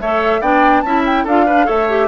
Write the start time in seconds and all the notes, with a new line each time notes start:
0.00 A3 A4 C#5 E5
0.41 B3 D4 D5 G5
0.82 C#4 E4 E5 A5
1.06 G5
1.24 D4 F4 A4 F5
1.46 D4 B4
1.65 A3 A4 C#5 E5
1.89 G4